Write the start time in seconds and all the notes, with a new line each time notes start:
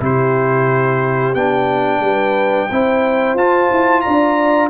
0.00 C3 E4 G4 C5
1.34 B3 D4 G5
2.00 G3 B4
2.69 C4 E4 C5
3.35 F4 A5
3.71 E4
4.01 D5 A#5
4.07 D4